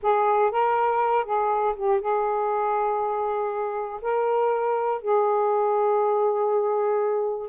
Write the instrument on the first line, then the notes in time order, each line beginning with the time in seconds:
saxophone
0.02 G#4
0.51 A#4
1.25 G#4
1.75 G4
2.00 G#4
4.01 A#4
5.01 G#4